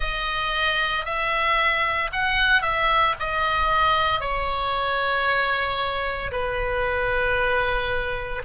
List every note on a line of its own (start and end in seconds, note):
0.00 1.05 D#5
1.05 2.10 E5
2.12 2.62 F#5
2.62 3.14 E5
3.19 4.20 D#5
4.20 6.31 C#5
6.32 8.42 B4